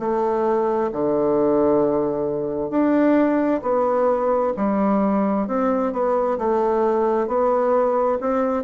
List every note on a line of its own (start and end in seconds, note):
0.00 0.91 A3
0.93 2.71 D3
2.71 3.62 D4
3.63 4.54 B3
4.57 5.48 G3
5.48 5.93 C4
5.93 6.38 B3
6.39 7.28 A3
7.28 8.19 B3
8.21 8.64 C4